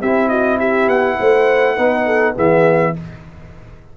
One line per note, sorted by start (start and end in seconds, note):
0.00 0.87 C4
0.00 1.77 E4
0.00 0.29 G4
0.00 0.28 E5
0.28 0.58 F#4
0.28 0.58 D#5
0.59 1.18 G4
0.59 0.88 E5
0.87 1.17 B3
0.87 2.36 F#5
1.19 1.78 A3
1.19 1.75 C5
1.75 2.37 B3
1.75 2.34 D#4
1.75 2.05 B4
2.06 2.35 A4
2.34 2.96 E3
2.34 2.93 B3
2.34 2.94 G#4
2.34 2.96 E5